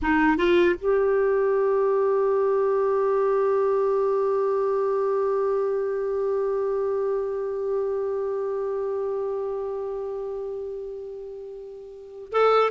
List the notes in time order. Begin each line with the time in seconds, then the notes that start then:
0.01 D#4
0.37 F4
0.78 G4
12.32 A4